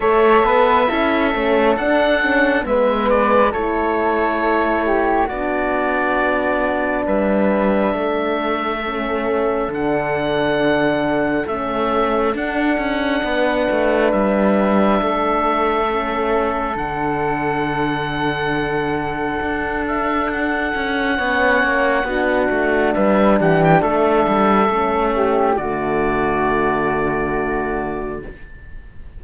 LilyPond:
<<
  \new Staff \with { instrumentName = "oboe" } { \time 4/4 \tempo 4 = 68 e''2 fis''4 e''8 d''8 | cis''2 d''2 | e''2. fis''4~ | fis''4 e''4 fis''2 |
e''2. fis''4~ | fis''2~ fis''8 e''8 fis''4~ | fis''2 e''8 fis''16 g''16 e''4~ | e''4 d''2. | }
  \new Staff \with { instrumentName = "flute" } { \time 4/4 cis''8 b'8 a'2 b'4 | a'4. g'8 fis'2 | b'4 a'2.~ | a'2. b'4~ |
b'4 a'2.~ | a'1 | cis''4 fis'4 b'8 g'8 a'4~ | a'8 g'8 fis'2. | }
  \new Staff \with { instrumentName = "horn" } { \time 4/4 a'4 e'8 cis'8 d'8 cis'8 b4 | e'2 d'2~ | d'2 cis'4 d'4~ | d'4 cis'4 d'2~ |
d'2 cis'4 d'4~ | d'1 | cis'4 d'2. | cis'4 a2. | }
  \new Staff \with { instrumentName = "cello" } { \time 4/4 a8 b8 cis'8 a8 d'4 gis4 | a2 b2 | g4 a2 d4~ | d4 a4 d'8 cis'8 b8 a8 |
g4 a2 d4~ | d2 d'4. cis'8 | b8 ais8 b8 a8 g8 e8 a8 g8 | a4 d2. | }
>>